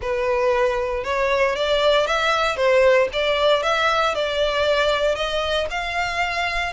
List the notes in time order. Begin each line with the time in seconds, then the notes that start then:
0.01 B4
1.04 C#5
1.55 D5
2.07 E5
2.56 C5
3.12 D5
3.63 E5
4.14 D5
5.15 D#5
5.70 F5